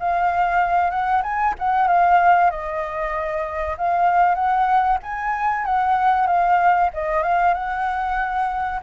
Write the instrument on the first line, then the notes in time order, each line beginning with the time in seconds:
flute
0.00 F5
0.90 F#5
1.23 G#5
1.59 F#5
1.88 F5
2.51 D#5
3.78 F5
4.35 F#5
5.03 G#5
5.66 F#5
6.27 F5
6.94 D#5
7.23 F5
7.54 F#5